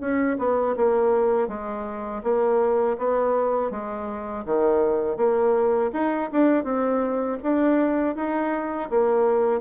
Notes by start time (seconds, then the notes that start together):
0.00 C#4
0.38 B3
0.76 A#3
1.48 G#3
2.23 A#3
2.98 B3
3.70 G#3
4.45 D#3
5.16 A#3
5.93 D#4
6.32 D4
6.64 C4
7.43 D4
8.15 D#4
8.90 A#3